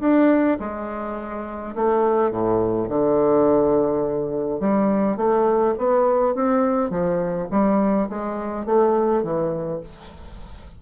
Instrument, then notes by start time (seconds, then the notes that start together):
bassoon
0.00 D4
0.60 G#3
1.75 A3
2.31 A2
2.89 D3
4.60 G3
5.17 A3
5.78 B3
6.35 C4
6.90 F3
7.51 G3
8.09 G#3
8.65 A3
9.23 E3